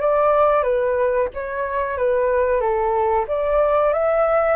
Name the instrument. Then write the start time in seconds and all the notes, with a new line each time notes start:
flute
0.00 D5
0.63 B4
1.33 C#5
1.97 B4
2.60 A4
3.27 D5
3.93 E5